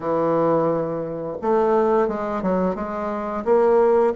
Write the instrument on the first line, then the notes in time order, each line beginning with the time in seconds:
bassoon
0.00 E3
1.41 A3
2.08 G#3
2.42 F#3
2.75 G#3
3.45 A#3